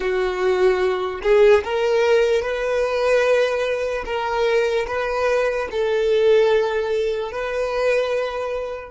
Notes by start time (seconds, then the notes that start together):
0.00 F#4
1.22 G#4
1.64 A#4
2.41 B4
4.05 A#4
4.87 B4
5.71 A4
7.31 B4